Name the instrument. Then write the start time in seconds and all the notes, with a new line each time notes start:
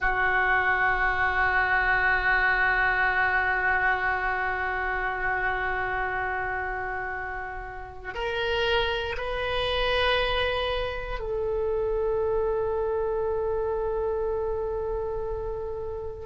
oboe
0.00 F#4
8.14 A#4
9.17 B4
11.19 A4